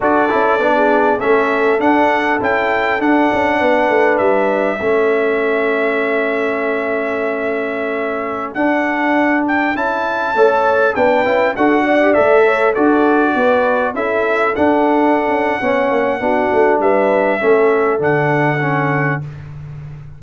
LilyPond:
<<
  \new Staff \with { instrumentName = "trumpet" } { \time 4/4 \tempo 4 = 100 d''2 e''4 fis''4 | g''4 fis''2 e''4~ | e''1~ | e''2~ e''16 fis''4. g''16~ |
g''16 a''2 g''4 fis''8.~ | fis''16 e''4 d''2 e''8.~ | e''16 fis''2.~ fis''8. | e''2 fis''2 | }
  \new Staff \with { instrumentName = "horn" } { \time 4/4 a'4~ a'16 gis'8. a'2~ | a'2 b'2 | a'1~ | a'1~ |
a'4~ a'16 cis''4 b'4 a'8 d''16~ | d''8. cis''8 a'4 b'4 a'8.~ | a'2 cis''4 fis'4 | b'4 a'2. | }
  \new Staff \with { instrumentName = "trombone" } { \time 4/4 fis'8 e'8 d'4 cis'4 d'4 | e'4 d'2. | cis'1~ | cis'2~ cis'16 d'4.~ d'16~ |
d'16 e'4 a'4 d'8 e'8 fis'8. | g'16 a'4 fis'2 e'8.~ | e'16 d'4.~ d'16 cis'4 d'4~ | d'4 cis'4 d'4 cis'4 | }
  \new Staff \with { instrumentName = "tuba" } { \time 4/4 d'8 cis'8 b4 a4 d'4 | cis'4 d'8 cis'8 b8 a8 g4 | a1~ | a2~ a16 d'4.~ d'16~ |
d'16 cis'4 a4 b8 cis'8 d'8.~ | d'16 a4 d'4 b4 cis'8.~ | cis'16 d'4~ d'16 cis'8 b8 ais8 b8 a8 | g4 a4 d2 | }
>>